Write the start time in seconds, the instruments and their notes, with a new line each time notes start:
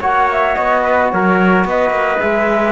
0.00 cello A#3, trombone F#4, trumpet C#5, flute F#5
0.32 flute E5
0.55 cello B3, flute D#5
0.83 trumpet B4
1.10 cello F#3, trumpet A#4, flute C#5
1.65 cello B3, trumpet B4, flute D#5
1.90 cello A#3
2.19 cello G#3, trombone G#4, flute E5